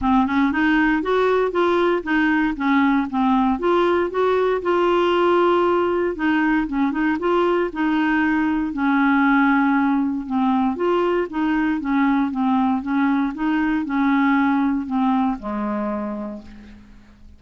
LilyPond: \new Staff \with { instrumentName = "clarinet" } { \time 4/4 \tempo 4 = 117 c'8 cis'8 dis'4 fis'4 f'4 | dis'4 cis'4 c'4 f'4 | fis'4 f'2. | dis'4 cis'8 dis'8 f'4 dis'4~ |
dis'4 cis'2. | c'4 f'4 dis'4 cis'4 | c'4 cis'4 dis'4 cis'4~ | cis'4 c'4 gis2 | }